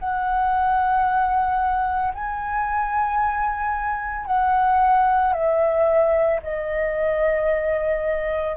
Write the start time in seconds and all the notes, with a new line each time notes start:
0.00 F#5
2.15 G#5
4.27 F#5
5.34 E5
6.43 D#5